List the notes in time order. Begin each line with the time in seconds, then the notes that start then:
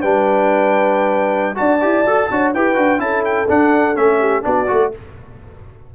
0.00 G3 D4 B4 G5
1.54 D4 F#4 D5 A5
1.80 E4 G4
2.05 F#4 A4
2.30 D4 F#4 C#5
2.53 E4 G4 B4 G5
2.75 D4 F#4
2.98 C#4 E4 A4 A5
3.24 G5
3.48 D4 F#5
3.95 A3 C#4 E5
4.19 G4
4.42 B3 D4 F#4 D5
4.67 A3 F#4